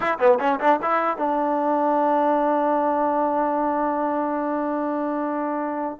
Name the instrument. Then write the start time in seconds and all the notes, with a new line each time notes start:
trombone
0.00 E4
0.18 B3
0.39 C#4
0.60 D4
0.81 E4
1.17 D4